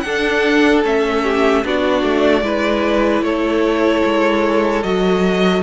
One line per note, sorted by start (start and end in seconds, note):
0.00 0.83 D4
0.00 0.84 D4
0.00 1.23 A4
0.00 0.80 F#5
0.83 1.64 A3
0.83 1.63 C#4
0.83 1.65 E5
1.23 1.63 G4
1.64 2.03 B3
1.64 2.43 D4
1.64 2.45 F#4
1.64 3.23 D5
2.03 2.42 A3
2.42 3.21 G#3
2.42 4.83 E4
2.42 3.25 B4
3.21 4.01 A3
3.21 5.63 A4
3.21 4.83 C#5
4.05 4.83 G#3
4.83 5.63 F#3
4.83 5.63 F#4
4.83 5.63 D#5